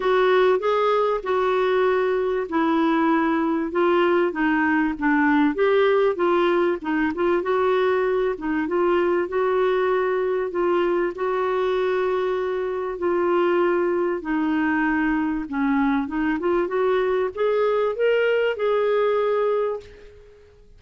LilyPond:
\new Staff \with { instrumentName = "clarinet" } { \time 4/4 \tempo 4 = 97 fis'4 gis'4 fis'2 | e'2 f'4 dis'4 | d'4 g'4 f'4 dis'8 f'8 | fis'4. dis'8 f'4 fis'4~ |
fis'4 f'4 fis'2~ | fis'4 f'2 dis'4~ | dis'4 cis'4 dis'8 f'8 fis'4 | gis'4 ais'4 gis'2 | }